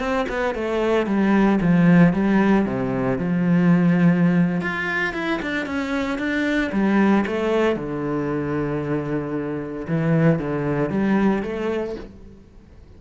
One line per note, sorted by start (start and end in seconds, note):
0.00 0.26 C4
0.29 0.55 B3
0.55 1.07 A3
1.07 1.60 G3
1.62 2.14 F3
2.14 2.66 G3
2.66 3.19 C3
3.19 4.62 F3
4.62 5.14 F4
5.14 5.40 E4
5.42 5.66 D4
5.66 6.19 C#4
6.19 6.71 D4
6.72 7.25 G3
7.27 7.77 A3
7.77 9.87 D3
9.88 10.39 E3
10.39 10.90 D3
10.90 11.43 G3
11.43 11.96 A3